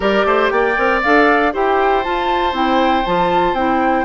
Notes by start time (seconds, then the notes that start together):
0.00 G3 G4 A#4 D5
0.25 A3 C5
0.50 A#3 D5 G5
0.76 C4 A#4
1.02 D4 A4 F5
1.52 E4 G4 C5 G5
2.03 F4 A5
2.52 C4 E4 G5
3.06 F3 F4 A5
3.53 C4 E4 G5